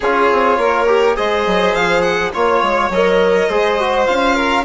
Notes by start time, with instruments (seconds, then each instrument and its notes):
0.00 bassoon C#4, trombone F4, violin G#4 C#5
0.31 bassoon C4
0.57 bassoon A#3, violin A#4
0.87 trombone G4
1.16 bassoon G#3, trombone G#4, violin C5 D#5
1.46 bassoon F#3
1.74 bassoon F3, violin F5
2.01 violin F#5
2.33 bassoon A#3, trombone F4, violin C#5
2.62 bassoon G#3
2.89 bassoon F#3, trombone A#4, violin D#5
3.47 bassoon G#3, trombone G#4, violin C5
3.79 trombone F#4
4.06 bassoon C#4, trombone F4, violin F5
4.35 violin A#4